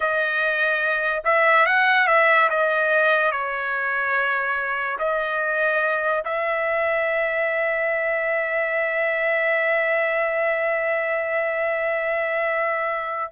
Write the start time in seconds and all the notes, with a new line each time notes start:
0.00 D#5
1.24 E5
1.66 F#5
2.07 E5
2.50 D#5
3.31 C#5
4.98 D#5
6.24 E5